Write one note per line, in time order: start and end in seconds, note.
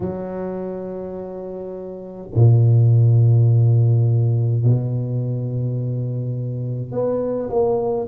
0.00 2.28 F#3
2.34 4.64 A#2
4.64 6.91 B2
6.91 7.49 B3
7.49 8.07 A#3